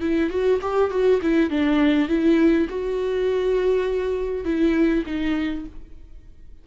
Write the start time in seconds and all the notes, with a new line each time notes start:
0.00 E4
0.30 F#4
0.61 G4
0.90 F#4
1.22 E4
1.50 D4
2.08 E4
2.69 F#4
4.44 E4
5.06 D#4